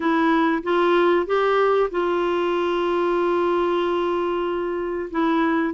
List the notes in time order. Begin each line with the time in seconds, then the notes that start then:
0.00 E4
0.63 F4
1.26 G4
1.91 F4
5.10 E4